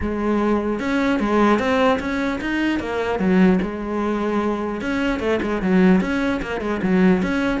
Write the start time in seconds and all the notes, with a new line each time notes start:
0.00 G#3
0.79 C#4
1.19 G#3
1.59 C4
1.99 C#4
2.40 D#4
2.79 A#3
3.19 F#3
3.61 G#3
4.81 C#4
5.19 A3
5.41 G#3
5.62 F#3
6.00 C#4
6.41 A#3
6.61 G#3
6.82 F#3
7.22 C#4